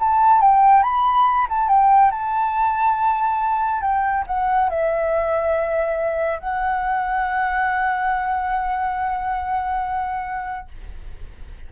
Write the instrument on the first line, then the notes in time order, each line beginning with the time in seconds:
flute
0.00 A5
0.42 G5
0.83 B5
1.50 A5
1.69 G5
2.11 A5
3.82 G5
4.27 F#5
4.70 E5
6.40 F#5